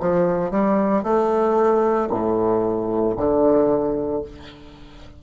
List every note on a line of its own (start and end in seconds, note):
0.00 0.51 F3
0.51 1.03 G3
1.03 2.09 A3
2.10 3.15 A2
3.17 4.22 D3